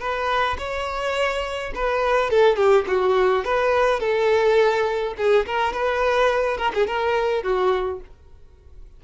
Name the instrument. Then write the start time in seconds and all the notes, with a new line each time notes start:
violin
0.00 B4
0.58 C#5
1.75 B4
2.30 A4
2.56 G4
2.88 F#4
3.45 B4
4.00 A4
5.17 G#4
5.46 A#4
5.73 B4
6.58 A#4
6.74 G#4
6.87 A#4
7.43 F#4